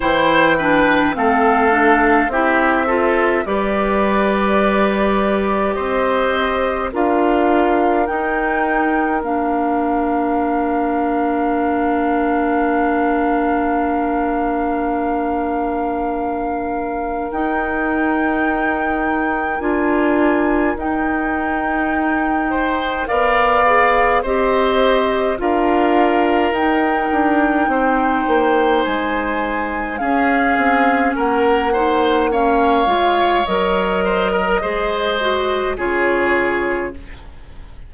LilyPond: <<
  \new Staff \with { instrumentName = "flute" } { \time 4/4 \tempo 4 = 52 g''4 f''4 e''4 d''4~ | d''4 dis''4 f''4 g''4 | f''1~ | f''2. g''4~ |
g''4 gis''4 g''2 | f''4 dis''4 f''4 g''4~ | g''4 gis''4 f''4 fis''4 | f''4 dis''2 cis''4 | }
  \new Staff \with { instrumentName = "oboe" } { \time 4/4 c''8 b'8 a'4 g'8 a'8 b'4~ | b'4 c''4 ais'2~ | ais'1~ | ais'1~ |
ais'2.~ ais'8 c''8 | d''4 c''4 ais'2 | c''2 gis'4 ais'8 c''8 | cis''4. c''16 ais'16 c''4 gis'4 | }
  \new Staff \with { instrumentName = "clarinet" } { \time 4/4 e'8 d'8 c'8 d'8 e'8 f'8 g'4~ | g'2 f'4 dis'4 | d'1~ | d'2. dis'4~ |
dis'4 f'4 dis'2 | ais'8 gis'8 g'4 f'4 dis'4~ | dis'2 cis'4. dis'8 | cis'8 f'8 ais'4 gis'8 fis'8 f'4 | }
  \new Staff \with { instrumentName = "bassoon" } { \time 4/4 e4 a4 c'4 g4~ | g4 c'4 d'4 dis'4 | ais1~ | ais2. dis'4~ |
dis'4 d'4 dis'2 | b4 c'4 d'4 dis'8 d'8 | c'8 ais8 gis4 cis'8 c'8 ais4~ | ais8 gis8 fis4 gis4 cis4 | }
>>